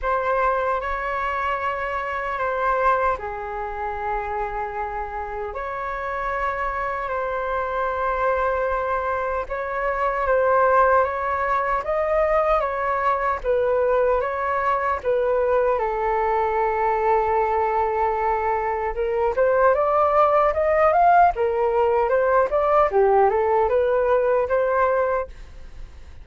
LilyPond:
\new Staff \with { instrumentName = "flute" } { \time 4/4 \tempo 4 = 76 c''4 cis''2 c''4 | gis'2. cis''4~ | cis''4 c''2. | cis''4 c''4 cis''4 dis''4 |
cis''4 b'4 cis''4 b'4 | a'1 | ais'8 c''8 d''4 dis''8 f''8 ais'4 | c''8 d''8 g'8 a'8 b'4 c''4 | }